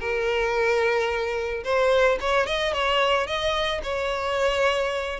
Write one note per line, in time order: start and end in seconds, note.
0.00 1.64 A#4
1.64 2.18 C5
2.20 2.46 C#5
2.46 2.73 D#5
2.73 3.27 C#5
3.27 3.81 D#5
3.83 5.19 C#5